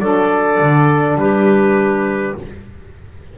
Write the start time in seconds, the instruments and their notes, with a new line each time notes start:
0.00 double bass F#3, saxophone D4, clarinet A4, trumpet D5
0.60 double bass D3
1.16 double bass G3, clarinet G4, trumpet B4